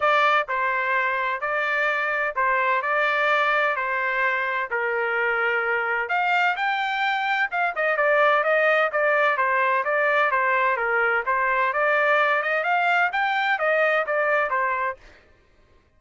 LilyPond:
\new Staff \with { instrumentName = "trumpet" } { \time 4/4 \tempo 4 = 128 d''4 c''2 d''4~ | d''4 c''4 d''2 | c''2 ais'2~ | ais'4 f''4 g''2 |
f''8 dis''8 d''4 dis''4 d''4 | c''4 d''4 c''4 ais'4 | c''4 d''4. dis''8 f''4 | g''4 dis''4 d''4 c''4 | }